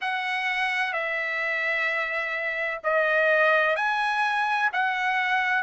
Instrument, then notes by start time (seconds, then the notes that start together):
trumpet
0.01 F#5
0.93 E5
2.83 D#5
3.76 G#5
4.72 F#5